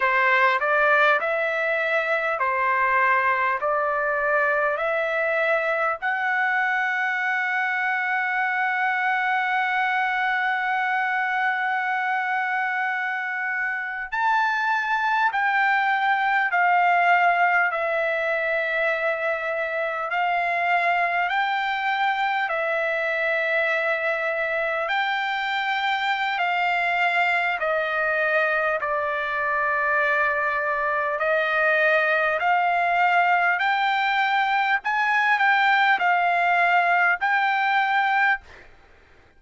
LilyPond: \new Staff \with { instrumentName = "trumpet" } { \time 4/4 \tempo 4 = 50 c''8 d''8 e''4 c''4 d''4 | e''4 fis''2.~ | fis''2.~ fis''8. a''16~ | a''8. g''4 f''4 e''4~ e''16~ |
e''8. f''4 g''4 e''4~ e''16~ | e''8. g''4~ g''16 f''4 dis''4 | d''2 dis''4 f''4 | g''4 gis''8 g''8 f''4 g''4 | }